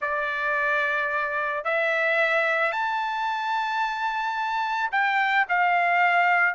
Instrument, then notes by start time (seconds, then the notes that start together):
trumpet
0.01 D5
1.64 E5
2.71 A5
4.91 G5
5.48 F5